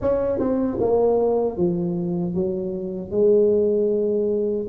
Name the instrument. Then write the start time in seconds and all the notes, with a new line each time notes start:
tuba
0.01 C#4
0.39 C4
0.80 A#3
1.57 F3
2.34 F#3
3.10 G#3